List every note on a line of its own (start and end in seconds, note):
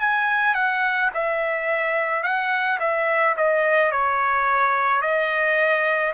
0.00 0.55 G#5
0.55 1.10 F#5
1.14 2.23 E5
2.23 2.79 F#5
2.80 3.35 E5
3.37 3.92 D#5
3.92 5.02 C#5
5.02 6.13 D#5